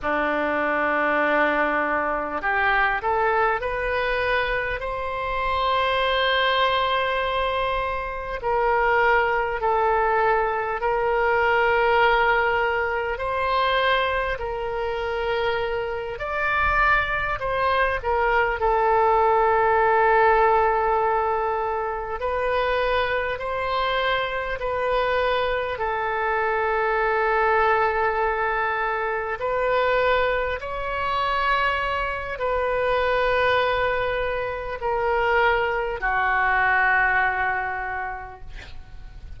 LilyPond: \new Staff \with { instrumentName = "oboe" } { \time 4/4 \tempo 4 = 50 d'2 g'8 a'8 b'4 | c''2. ais'4 | a'4 ais'2 c''4 | ais'4. d''4 c''8 ais'8 a'8~ |
a'2~ a'8 b'4 c''8~ | c''8 b'4 a'2~ a'8~ | a'8 b'4 cis''4. b'4~ | b'4 ais'4 fis'2 | }